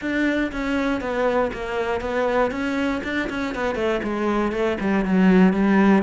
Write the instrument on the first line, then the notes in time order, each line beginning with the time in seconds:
cello
0.01 D4
0.52 C#4
1.00 B3
1.53 A#3
2.00 B3
2.51 C#4
3.03 D4
3.29 C#4
3.54 B3
3.75 A3
4.03 G#3
4.52 A3
4.80 G3
5.05 F#3
5.53 G3